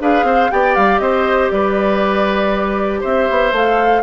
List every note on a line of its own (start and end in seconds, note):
0.00 0.23 D4
0.00 0.50 G#4
0.00 0.26 B4
0.00 0.51 F5
0.23 0.48 C4
0.23 0.51 C5
0.50 0.76 B3
0.50 3.53 G4
0.50 1.01 D5
0.50 0.75 G5
0.75 0.99 G3
0.75 0.99 F5
0.99 1.50 C4
0.99 1.52 C5
0.99 1.49 D#5
1.50 3.02 G3
1.50 3.00 B4
1.50 3.01 D5
3.00 3.29 C4
3.00 4.01 C5
3.00 3.54 E5
3.30 3.52 B3
3.52 4.02 A3
3.52 4.02 A4
3.52 4.02 F5